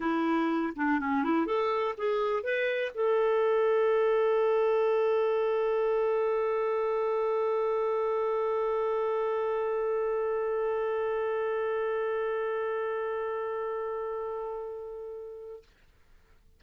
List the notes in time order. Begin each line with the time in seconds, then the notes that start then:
0.00 E4
0.76 D4
1.00 C#4
1.24 E4
1.46 A4
1.97 G#4
2.43 B4
2.94 A4